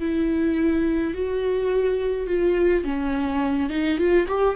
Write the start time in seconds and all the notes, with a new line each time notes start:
0.00 E4
1.15 F#4
2.28 F4
2.84 C#4
3.70 D#4
3.98 F4
4.28 G4